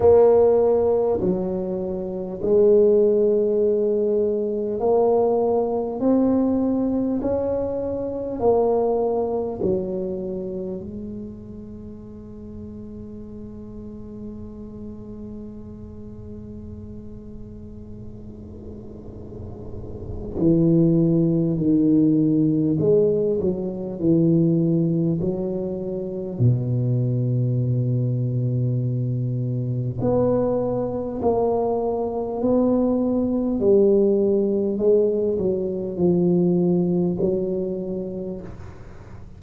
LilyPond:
\new Staff \with { instrumentName = "tuba" } { \time 4/4 \tempo 4 = 50 ais4 fis4 gis2 | ais4 c'4 cis'4 ais4 | fis4 gis2.~ | gis1~ |
gis4 e4 dis4 gis8 fis8 | e4 fis4 b,2~ | b,4 b4 ais4 b4 | g4 gis8 fis8 f4 fis4 | }